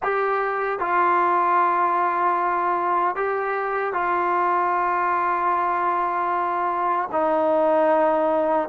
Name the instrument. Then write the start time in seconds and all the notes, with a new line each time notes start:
trombone
0.03 G4
0.79 F4
3.15 G4
3.93 F4
7.12 D#4